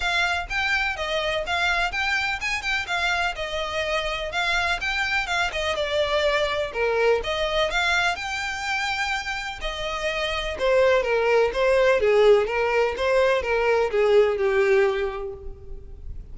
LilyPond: \new Staff \with { instrumentName = "violin" } { \time 4/4 \tempo 4 = 125 f''4 g''4 dis''4 f''4 | g''4 gis''8 g''8 f''4 dis''4~ | dis''4 f''4 g''4 f''8 dis''8 | d''2 ais'4 dis''4 |
f''4 g''2. | dis''2 c''4 ais'4 | c''4 gis'4 ais'4 c''4 | ais'4 gis'4 g'2 | }